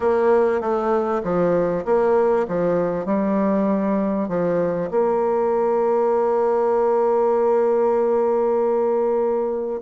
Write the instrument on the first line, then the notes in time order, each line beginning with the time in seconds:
bassoon
0.00 A#3
0.60 A3
1.23 F3
1.85 A#3
2.47 F3
3.05 G3
4.28 F3
4.91 A#3